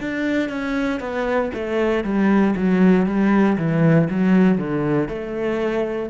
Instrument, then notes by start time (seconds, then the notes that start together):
cello
0.00 D4
0.49 C#4
0.99 B3
1.53 A3
2.04 G3
2.56 F#3
3.06 G3
3.57 E3
4.10 F#3
4.58 D3
5.08 A3